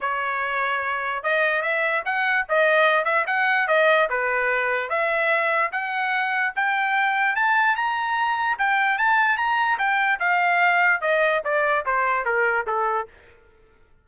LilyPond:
\new Staff \with { instrumentName = "trumpet" } { \time 4/4 \tempo 4 = 147 cis''2. dis''4 | e''4 fis''4 dis''4. e''8 | fis''4 dis''4 b'2 | e''2 fis''2 |
g''2 a''4 ais''4~ | ais''4 g''4 a''4 ais''4 | g''4 f''2 dis''4 | d''4 c''4 ais'4 a'4 | }